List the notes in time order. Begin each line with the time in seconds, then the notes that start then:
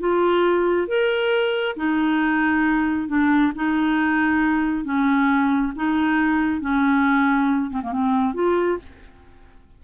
0.00 F4
0.88 A#4
1.77 D#4
3.08 D4
3.56 D#4
4.85 C#4
5.76 D#4
6.61 C#4
7.71 C4
7.83 A#3
7.92 C4
8.34 F4